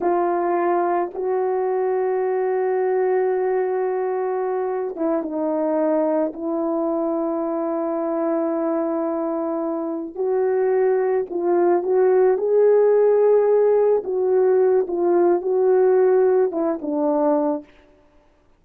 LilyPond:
\new Staff \with { instrumentName = "horn" } { \time 4/4 \tempo 4 = 109 f'2 fis'2~ | fis'1~ | fis'4 e'8 dis'2 e'8~ | e'1~ |
e'2~ e'8 fis'4.~ | fis'8 f'4 fis'4 gis'4.~ | gis'4. fis'4. f'4 | fis'2 e'8 d'4. | }